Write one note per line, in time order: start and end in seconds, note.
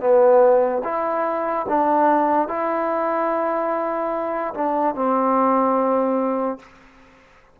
0.00 0.82 B3
0.84 1.66 E4
1.69 2.48 D4
2.48 4.54 E4
4.54 4.95 D4
4.95 6.59 C4